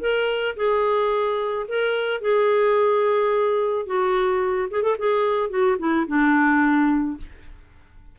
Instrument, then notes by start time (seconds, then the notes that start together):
clarinet
0.00 A#4
0.56 G#4
1.68 A#4
2.21 G#4
3.86 F#4
4.70 G#4
4.82 A4
4.98 G#4
5.49 F#4
5.78 E4
6.07 D4